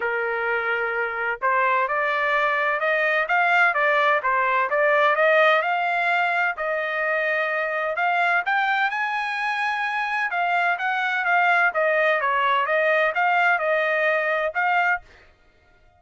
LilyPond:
\new Staff \with { instrumentName = "trumpet" } { \time 4/4 \tempo 4 = 128 ais'2. c''4 | d''2 dis''4 f''4 | d''4 c''4 d''4 dis''4 | f''2 dis''2~ |
dis''4 f''4 g''4 gis''4~ | gis''2 f''4 fis''4 | f''4 dis''4 cis''4 dis''4 | f''4 dis''2 f''4 | }